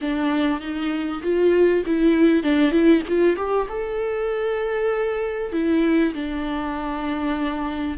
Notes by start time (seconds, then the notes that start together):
0.01 D4
0.60 D#4
1.22 F4
1.86 E4
2.43 D4
2.71 E4
3.08 F4
3.36 G4
3.68 A4
5.52 E4
6.14 D4